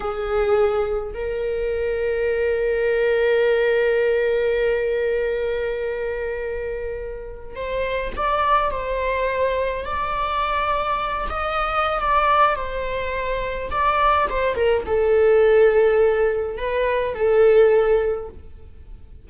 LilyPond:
\new Staff \with { instrumentName = "viola" } { \time 4/4 \tempo 4 = 105 gis'2 ais'2~ | ais'1~ | ais'1~ | ais'4~ ais'16 c''4 d''4 c''8.~ |
c''4~ c''16 d''2~ d''8 dis''16~ | dis''4 d''4 c''2 | d''4 c''8 ais'8 a'2~ | a'4 b'4 a'2 | }